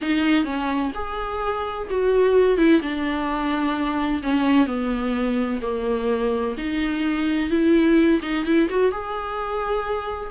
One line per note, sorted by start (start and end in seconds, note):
0.01 0.44 D#4
0.44 0.91 C#4
0.94 1.88 G#4
1.90 2.57 F#4
2.57 2.81 E4
2.81 4.22 D4
4.22 4.66 C#4
4.66 5.60 B3
5.61 6.55 A#3
6.57 7.50 D#4
7.50 8.20 E4
8.22 8.45 D#4
8.45 8.68 E4
8.69 8.91 F#4
8.91 10.30 G#4